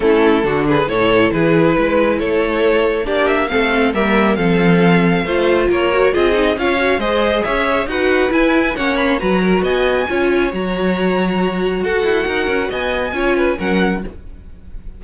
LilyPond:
<<
  \new Staff \with { instrumentName = "violin" } { \time 4/4 \tempo 4 = 137 a'4. b'8 cis''4 b'4~ | b'4 cis''2 d''8 e''8 | f''4 e''4 f''2~ | f''4 cis''4 dis''4 f''4 |
dis''4 e''4 fis''4 gis''4 | fis''8 b''8 ais''4 gis''2 | ais''2. fis''4~ | fis''4 gis''2 fis''4 | }
  \new Staff \with { instrumentName = "violin" } { \time 4/4 e'4 fis'8 gis'8 a'4 gis'4 | b'4 a'2 g'4 | a'4 ais'4 a'2 | c''4 ais'4 gis'4 cis''4 |
c''4 cis''4 b'2 | cis''4 b'8 ais'8 dis''4 cis''4~ | cis''2. a'4 | ais'4 dis''4 cis''8 b'8 ais'4 | }
  \new Staff \with { instrumentName = "viola" } { \time 4/4 cis'4 d'4 e'2~ | e'2. d'4 | c'4 ais4 c'2 | f'4. fis'8 f'8 dis'8 f'8 fis'8 |
gis'2 fis'4 e'4 | cis'4 fis'2 f'4 | fis'1~ | fis'2 f'4 cis'4 | }
  \new Staff \with { instrumentName = "cello" } { \time 4/4 a4 d4 a,4 e4 | gis4 a2 ais4 | a4 g4 f2 | a4 ais4 c'4 cis'4 |
gis4 cis'4 dis'4 e'4 | ais4 fis4 b4 cis'4 | fis2. fis'8 e'8 | dis'8 cis'8 b4 cis'4 fis4 | }
>>